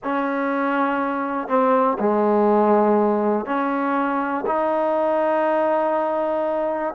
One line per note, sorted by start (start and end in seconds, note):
0.03 1.47 C#4
1.47 1.97 C4
1.99 3.45 G#3
3.45 4.44 C#4
4.46 6.94 D#4